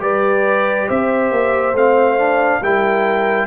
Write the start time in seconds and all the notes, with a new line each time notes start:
0.00 G3 G4 B4 D5
0.87 C4 C5 E5
1.31 A#3
1.73 A3 C4 F5
2.18 D4
2.62 G3 E4 A#4 G5